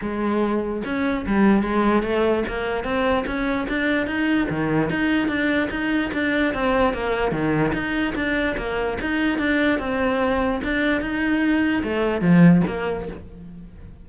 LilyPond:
\new Staff \with { instrumentName = "cello" } { \time 4/4 \tempo 4 = 147 gis2 cis'4 g4 | gis4 a4 ais4 c'4 | cis'4 d'4 dis'4 dis4 | dis'4 d'4 dis'4 d'4 |
c'4 ais4 dis4 dis'4 | d'4 ais4 dis'4 d'4 | c'2 d'4 dis'4~ | dis'4 a4 f4 ais4 | }